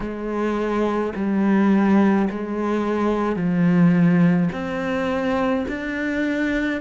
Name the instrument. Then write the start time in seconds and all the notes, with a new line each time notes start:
cello
0.00 G#3
1.15 G3
2.30 G#3
3.36 F3
4.52 C4
5.68 D4